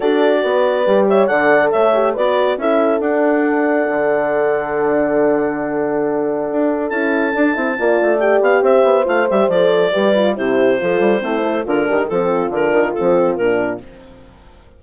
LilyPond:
<<
  \new Staff \with { instrumentName = "clarinet" } { \time 4/4 \tempo 4 = 139 d''2~ d''8 e''8 fis''4 | e''4 d''4 e''4 fis''4~ | fis''1~ | fis''1 |
a''2. g''8 f''8 | e''4 f''8 e''8 d''2 | c''2. ais'4 | a'4 ais'4 a'4 ais'4 | }
  \new Staff \with { instrumentName = "horn" } { \time 4/4 a'4 b'4. cis''8 d''4 | cis''4 b'4 a'2~ | a'1~ | a'1~ |
a'2 d''2 | c''2. b'4 | g'4 a'4 e'4 f'8 g'8 | f'1 | }
  \new Staff \with { instrumentName = "horn" } { \time 4/4 fis'2 g'4 a'4~ | a'8 g'8 fis'4 e'4 d'4~ | d'1~ | d'1 |
e'4 d'8 e'8 f'4 g'4~ | g'4 f'8 g'8 a'4 g'8 f'8 | e'4 f'4 c'8 a'8 d'4 | c'4 d'4 c'4 d'4 | }
  \new Staff \with { instrumentName = "bassoon" } { \time 4/4 d'4 b4 g4 d4 | a4 b4 cis'4 d'4~ | d'4 d2.~ | d2. d'4 |
cis'4 d'8 c'8 ais8 a4 b8 | c'8 b8 a8 g8 f4 g4 | c4 f8 g8 a4 d8 dis8 | f4 d8 dis8 f4 ais,4 | }
>>